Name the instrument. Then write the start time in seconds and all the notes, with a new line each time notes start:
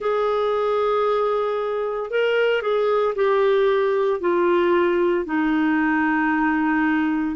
clarinet
0.00 G#4
2.10 A#4
2.61 G#4
3.15 G4
4.20 F4
5.25 D#4